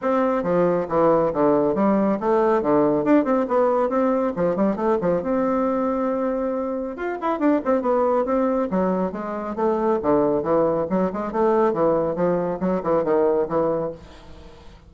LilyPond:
\new Staff \with { instrumentName = "bassoon" } { \time 4/4 \tempo 4 = 138 c'4 f4 e4 d4 | g4 a4 d4 d'8 c'8 | b4 c'4 f8 g8 a8 f8 | c'1 |
f'8 e'8 d'8 c'8 b4 c'4 | fis4 gis4 a4 d4 | e4 fis8 gis8 a4 e4 | f4 fis8 e8 dis4 e4 | }